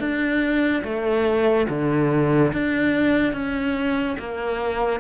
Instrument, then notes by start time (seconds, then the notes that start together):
cello
0.00 D4
0.84 A3
1.69 D3
2.54 D4
3.33 C#4
4.20 A#3